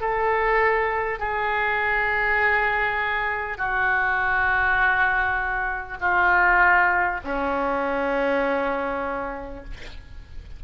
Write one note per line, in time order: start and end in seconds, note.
0.00 1.19 A4
1.19 3.57 G#4
3.57 5.97 F#4
6.00 7.20 F4
7.24 9.64 C#4